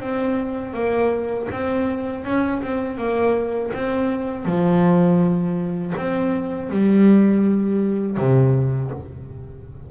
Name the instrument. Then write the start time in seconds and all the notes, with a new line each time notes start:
double bass
0.00 C4
0.74 A#3
1.51 C4
2.25 C#4
2.63 C4
2.98 A#3
3.74 C4
4.45 F3
5.97 C4
6.70 G3
8.17 C3